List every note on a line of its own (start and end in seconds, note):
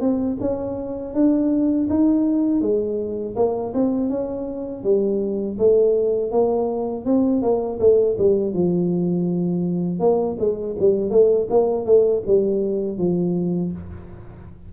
0.00 0.37 C4
0.40 1.13 C#4
1.13 1.88 D4
1.89 2.61 D#4
2.61 3.35 G#3
3.36 3.73 A#3
3.74 4.09 C4
4.09 4.84 C#4
4.84 5.58 G3
5.58 6.31 A3
6.31 7.05 A#3
7.05 7.41 C4
7.41 7.78 A#3
7.79 8.16 A3
8.18 8.53 G3
8.53 9.99 F3
9.99 10.36 A#3
10.39 10.76 G#3
10.79 11.10 G3
11.10 11.47 A3
11.50 11.85 A#3
11.85 12.22 A3
12.26 12.98 G3
12.98 13.72 F3